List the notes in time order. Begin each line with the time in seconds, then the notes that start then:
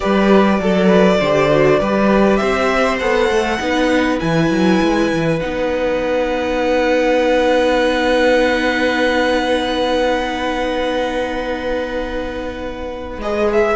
0.00 G3 G4 B4 D5
0.59 F#3 A4
0.86 B4
1.19 D3 G4 C5
1.51 F#4
1.79 G3 G4 B4
2.36 C4 C5 E5
2.99 B3 A4 F#5
3.29 A3
3.59 B3 D#4 B4
4.19 E3 E4 G#5
4.50 F#3
4.82 G#3
5.12 E3
5.40 B3 D#4 F#5
13.17 G#3 G#4 D#5
13.52 E5